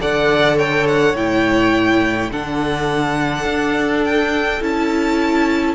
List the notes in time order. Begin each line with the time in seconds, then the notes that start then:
0.00 D3 A4 D5 F#5
0.57 C#5 G5
0.87 F#5
1.14 A2 E4 G5
2.31 D3 D4 A4 F#5
3.44 D4
4.04 G5
4.60 C#4 E4 A5